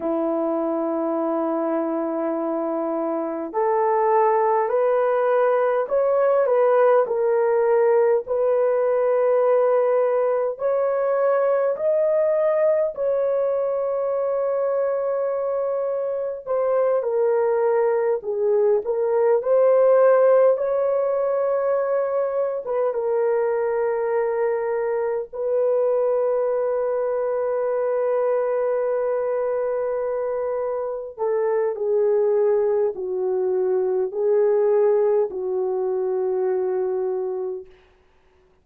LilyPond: \new Staff \with { instrumentName = "horn" } { \time 4/4 \tempo 4 = 51 e'2. a'4 | b'4 cis''8 b'8 ais'4 b'4~ | b'4 cis''4 dis''4 cis''4~ | cis''2 c''8 ais'4 gis'8 |
ais'8 c''4 cis''4.~ cis''16 b'16 ais'8~ | ais'4. b'2~ b'8~ | b'2~ b'8 a'8 gis'4 | fis'4 gis'4 fis'2 | }